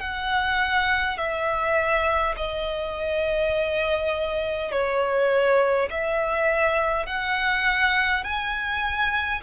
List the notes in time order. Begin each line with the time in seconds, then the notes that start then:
0.00 F#5
1.18 E5
2.37 D#5
4.72 C#5
5.90 E5
7.06 F#5
8.24 G#5